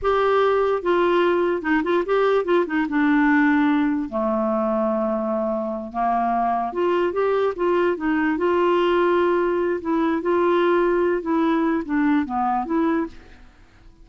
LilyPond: \new Staff \with { instrumentName = "clarinet" } { \time 4/4 \tempo 4 = 147 g'2 f'2 | dis'8 f'8 g'4 f'8 dis'8 d'4~ | d'2 a2~ | a2~ a8 ais4.~ |
ais8 f'4 g'4 f'4 dis'8~ | dis'8 f'2.~ f'8 | e'4 f'2~ f'8 e'8~ | e'4 d'4 b4 e'4 | }